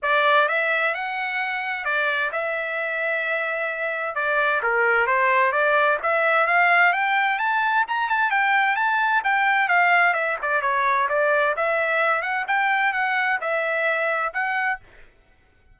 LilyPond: \new Staff \with { instrumentName = "trumpet" } { \time 4/4 \tempo 4 = 130 d''4 e''4 fis''2 | d''4 e''2.~ | e''4 d''4 ais'4 c''4 | d''4 e''4 f''4 g''4 |
a''4 ais''8 a''8 g''4 a''4 | g''4 f''4 e''8 d''8 cis''4 | d''4 e''4. fis''8 g''4 | fis''4 e''2 fis''4 | }